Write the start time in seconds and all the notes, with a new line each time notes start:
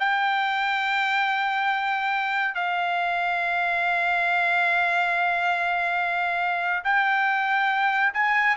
0.00 G5
2.55 F5
6.85 G5
8.14 G#5